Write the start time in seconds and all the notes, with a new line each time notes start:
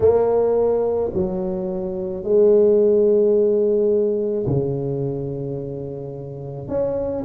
0.00 A#3
1.13 F#3
2.23 G#3
4.46 C#3
6.68 C#4